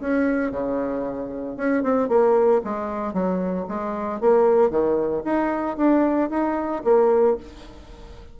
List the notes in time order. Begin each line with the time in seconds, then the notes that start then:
0.00 C#4
0.51 C#3
1.56 C#4
1.83 C4
2.09 A#3
2.64 G#3
3.13 F#3
3.68 G#3
4.20 A#3
4.70 D#3
5.24 D#4
5.77 D4
6.30 D#4
6.84 A#3